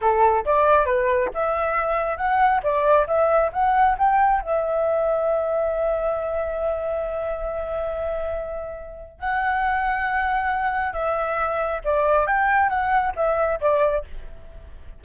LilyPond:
\new Staff \with { instrumentName = "flute" } { \time 4/4 \tempo 4 = 137 a'4 d''4 b'4 e''4~ | e''4 fis''4 d''4 e''4 | fis''4 g''4 e''2~ | e''1~ |
e''1~ | e''4 fis''2.~ | fis''4 e''2 d''4 | g''4 fis''4 e''4 d''4 | }